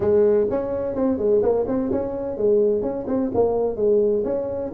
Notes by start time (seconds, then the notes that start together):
0.00 G#3
0.50 C#4
0.95 C4
1.18 G#3
1.42 A#3
1.67 C4
1.91 C#4
2.37 G#3
2.82 C#4
3.07 C4
3.34 A#3
3.76 G#3
4.24 C#4